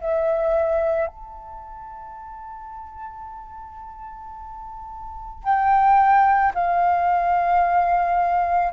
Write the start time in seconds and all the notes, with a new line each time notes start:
0.00 E5
1.07 A5
5.43 G5
6.54 F5